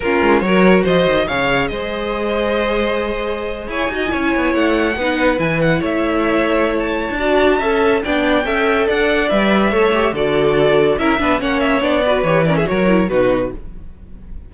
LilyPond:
<<
  \new Staff \with { instrumentName = "violin" } { \time 4/4 \tempo 4 = 142 ais'4 cis''4 dis''4 f''4 | dis''1~ | dis''8. gis''2 fis''4~ fis''16~ | fis''8. gis''8 fis''8 e''2~ e''16 |
a''2. g''4~ | g''4 fis''4 e''2 | d''2 e''4 fis''8 e''8 | d''4 cis''8 d''16 e''16 cis''4 b'4 | }
  \new Staff \with { instrumentName = "violin" } { \time 4/4 f'4 ais'4 c''4 cis''4 | c''1~ | c''8. cis''8 dis''8 cis''2 b'16~ | b'4.~ b'16 cis''2~ cis''16~ |
cis''4 d''4 e''4 d''4 | e''4 d''2 cis''4 | a'2 ais'8 b'8 cis''4~ | cis''8 b'4 ais'16 gis'16 ais'4 fis'4 | }
  \new Staff \with { instrumentName = "viola" } { \time 4/4 cis'4 fis'2 gis'4~ | gis'1~ | gis'4~ gis'16 fis'8 e'2 dis'16~ | dis'8. e'2.~ e'16~ |
e'4 fis'4 a'4 d'4 | a'2 b'4 a'8 g'8 | fis'2 e'8 d'8 cis'4 | d'8 fis'8 g'8 cis'8 fis'8 e'8 dis'4 | }
  \new Staff \with { instrumentName = "cello" } { \time 4/4 ais8 gis8 fis4 f8 dis8 cis4 | gis1~ | gis8. e'8 dis'8 cis'8 b8 a4 b16~ | b8. e4 a2~ a16~ |
a8. d'4~ d'16 cis'4 b4 | cis'4 d'4 g4 a4 | d2 cis'8 b8 ais4 | b4 e4 fis4 b,4 | }
>>